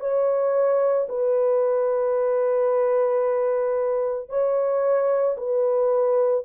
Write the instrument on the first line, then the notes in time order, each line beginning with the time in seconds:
horn
0.00 C#5
1.09 B4
4.30 C#5
5.37 B4